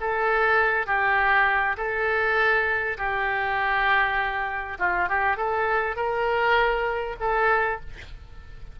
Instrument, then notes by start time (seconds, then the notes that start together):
oboe
0.00 A4
0.86 G4
1.77 A4
2.98 G4
4.78 F4
5.08 G4
5.36 A4
5.96 A#4
7.20 A4